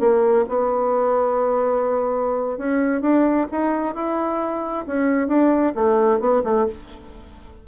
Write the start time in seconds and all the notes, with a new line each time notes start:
0.00 A#3
0.48 B3
2.58 C#4
3.02 D4
3.51 D#4
3.95 E4
4.87 C#4
5.28 D4
5.75 A3
6.20 B3
6.44 A3